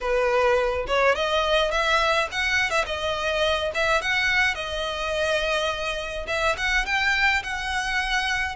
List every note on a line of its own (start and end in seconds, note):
0.00 0.86 B4
0.87 1.15 C#5
1.15 1.71 D#5
1.71 2.28 E5
2.31 2.70 F#5
2.70 2.84 E5
2.85 3.71 D#5
3.74 4.01 E5
4.01 4.55 F#5
4.55 6.26 D#5
6.27 6.56 E5
6.57 6.85 F#5
6.85 7.42 G5
7.43 8.55 F#5